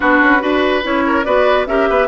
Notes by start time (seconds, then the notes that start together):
0.00 B3 D4 F#4 B4
0.21 C#4
0.39 D4 F#4 B4
0.83 C#4 E4 C#5
1.06 A#4
1.24 B3 F#4 B4 D5
1.66 C#4 G4 A#4 E5
1.89 B3 B4